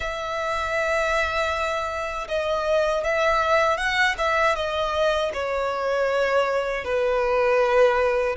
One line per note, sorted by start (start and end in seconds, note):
0.00 2.28 E5
2.28 3.03 D#5
3.04 3.77 E5
3.77 4.15 F#5
4.18 4.55 E5
4.55 5.31 D#5
5.33 6.84 C#5
6.84 8.36 B4